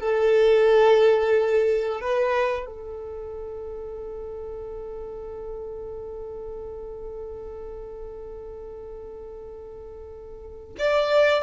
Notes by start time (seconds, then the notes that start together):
0.00 A4
2.01 B4
2.66 A4
10.79 D5